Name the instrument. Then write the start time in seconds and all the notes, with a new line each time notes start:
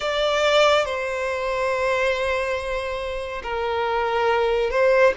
violin
0.00 D5
0.85 C5
3.42 A#4
4.70 C5